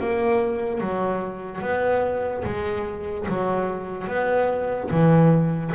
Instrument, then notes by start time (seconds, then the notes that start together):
double bass
0.00 A#3
0.81 F#3
1.61 B3
2.44 G#3
3.29 F#3
4.08 B3
4.91 E3